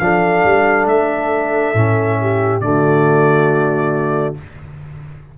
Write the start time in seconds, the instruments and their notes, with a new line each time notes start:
0.00 tuba F3, trombone D4, horn A4, trumpet F5
0.45 tuba G3
0.86 tuba A3, trumpet E5
1.74 tuba A2, trombone C#4
2.21 horn G4
2.61 tuba D3, trombone A3, horn F#4, trumpet D5